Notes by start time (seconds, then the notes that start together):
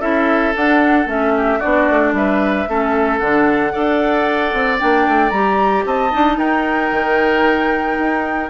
0.00 C#4 E4 A4 E5
0.56 D4 F#5
1.06 A3 C#4 E5
1.37 G4
1.59 B3 D4 F#4 D5
1.89 A3
2.13 G3 B4 E5
2.68 A3 C#4 A4
3.19 D3 D4 F#5
3.72 D4 A4 D5
4.53 C4
4.78 A#3 D4 G5
5.07 A3
5.30 G3 G4 A#5
5.85 C4 D#5 A5
6.10 D4 D#4
6.37 D#4 A#4 G5
6.91 D#3
7.99 D#4